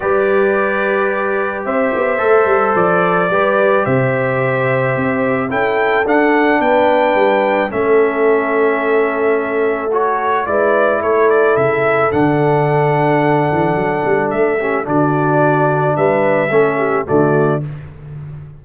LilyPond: <<
  \new Staff \with { instrumentName = "trumpet" } { \time 4/4 \tempo 4 = 109 d''2. e''4~ | e''4 d''2 e''4~ | e''2 g''4 fis''4 | g''2 e''2~ |
e''2 cis''4 d''4 | cis''8 d''8 e''4 fis''2~ | fis''2 e''4 d''4~ | d''4 e''2 d''4 | }
  \new Staff \with { instrumentName = "horn" } { \time 4/4 b'2. c''4~ | c''2 b'4 c''4~ | c''2 a'2 | b'2 a'2~ |
a'2. b'4 | a'1~ | a'2~ a'8 g'8 fis'4~ | fis'4 b'4 a'8 g'8 fis'4 | }
  \new Staff \with { instrumentName = "trombone" } { \time 4/4 g'1 | a'2 g'2~ | g'2 e'4 d'4~ | d'2 cis'2~ |
cis'2 fis'4 e'4~ | e'2 d'2~ | d'2~ d'8 cis'8 d'4~ | d'2 cis'4 a4 | }
  \new Staff \with { instrumentName = "tuba" } { \time 4/4 g2. c'8 b8 | a8 g8 f4 g4 c4~ | c4 c'4 cis'4 d'4 | b4 g4 a2~ |
a2. gis4 | a4 cis4 d2~ | d8 e8 fis8 g8 a4 d4~ | d4 g4 a4 d4 | }
>>